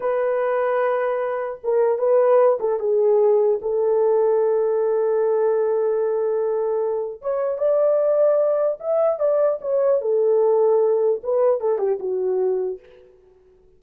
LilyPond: \new Staff \with { instrumentName = "horn" } { \time 4/4 \tempo 4 = 150 b'1 | ais'4 b'4. a'8 gis'4~ | gis'4 a'2.~ | a'1~ |
a'2 cis''4 d''4~ | d''2 e''4 d''4 | cis''4 a'2. | b'4 a'8 g'8 fis'2 | }